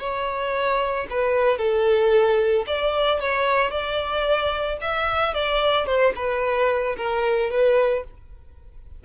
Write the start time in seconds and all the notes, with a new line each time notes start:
0.00 C#5
1.10 B4
1.58 A4
2.67 D5
3.20 C#5
3.71 D5
4.82 E5
5.34 D5
5.87 C5
6.16 B4
6.97 A#4
7.51 B4